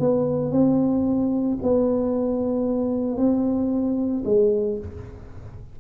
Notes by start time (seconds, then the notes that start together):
0.00 B3
0.52 C4
1.63 B3
3.17 C4
4.25 G#3